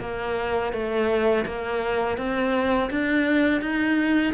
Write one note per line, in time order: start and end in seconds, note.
0.00 0.72 A#3
0.72 1.45 A3
1.45 2.17 A#3
2.17 2.89 C4
2.90 3.61 D4
3.61 4.33 D#4